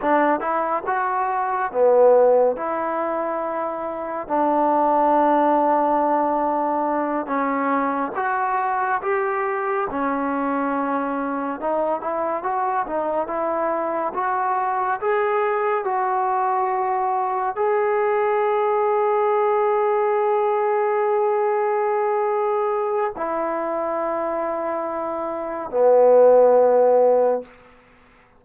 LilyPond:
\new Staff \with { instrumentName = "trombone" } { \time 4/4 \tempo 4 = 70 d'8 e'8 fis'4 b4 e'4~ | e'4 d'2.~ | d'8 cis'4 fis'4 g'4 cis'8~ | cis'4. dis'8 e'8 fis'8 dis'8 e'8~ |
e'8 fis'4 gis'4 fis'4.~ | fis'8 gis'2.~ gis'8~ | gis'2. e'4~ | e'2 b2 | }